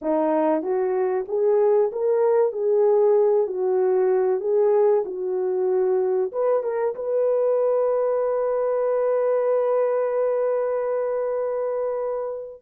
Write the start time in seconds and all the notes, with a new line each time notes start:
0.01 D#4
0.62 F#4
1.27 G#4
1.91 A#4
2.52 G#4
3.47 F#4
4.40 G#4
5.05 F#4
6.32 B4
6.63 A#4
6.95 B4